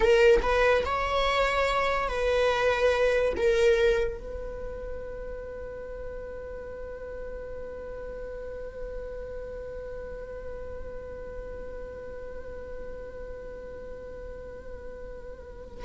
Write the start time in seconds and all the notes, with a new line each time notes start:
0.00 A#4
0.42 B4
0.85 C#5
2.08 B4
3.36 A#4
4.18 B4